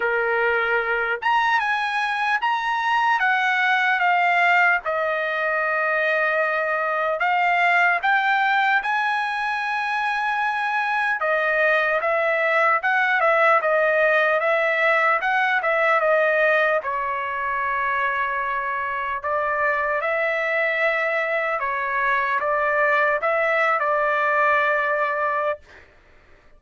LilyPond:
\new Staff \with { instrumentName = "trumpet" } { \time 4/4 \tempo 4 = 75 ais'4. ais''8 gis''4 ais''4 | fis''4 f''4 dis''2~ | dis''4 f''4 g''4 gis''4~ | gis''2 dis''4 e''4 |
fis''8 e''8 dis''4 e''4 fis''8 e''8 | dis''4 cis''2. | d''4 e''2 cis''4 | d''4 e''8. d''2~ d''16 | }